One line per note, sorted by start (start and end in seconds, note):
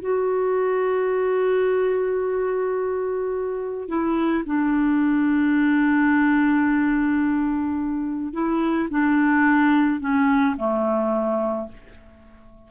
0.00 3.88 F#4
3.88 4.43 E4
4.46 8.33 D4
8.33 8.88 E4
8.90 10.00 D4
10.00 10.56 C#4
10.57 11.68 A3